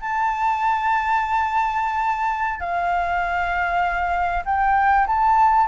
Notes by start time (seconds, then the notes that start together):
0.00 A5
2.60 F5
4.45 G5
5.06 A5